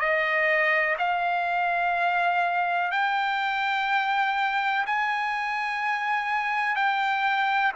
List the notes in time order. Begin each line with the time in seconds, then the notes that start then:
0.00 D#5
0.99 F5
2.92 G5
4.87 G#5
6.76 G5